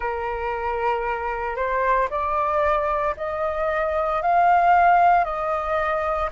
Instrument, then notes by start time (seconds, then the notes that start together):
flute
0.00 A#4
1.56 C5
2.10 D5
3.16 D#5
4.22 F5
5.24 D#5